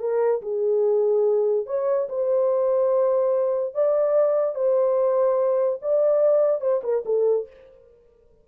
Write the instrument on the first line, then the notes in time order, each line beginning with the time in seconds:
horn
0.00 A#4
0.42 G#4
1.67 C#5
2.09 C5
3.74 D5
4.55 C5
5.82 D5
6.61 C5
6.84 A#4
7.06 A4